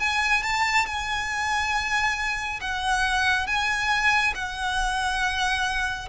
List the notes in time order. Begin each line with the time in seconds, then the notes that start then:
0.00 G#5
0.43 A5
0.87 G#5
2.61 F#5
3.47 G#5
4.35 F#5